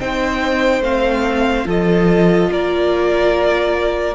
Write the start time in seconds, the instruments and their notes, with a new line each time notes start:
0.00 cello C4, viola D#4, violin C5 G5
0.81 cello A3, viola C4, violin F5
1.65 cello F3, viola F4, violin A4 D#5
2.49 cello A#3, violin A#4 D5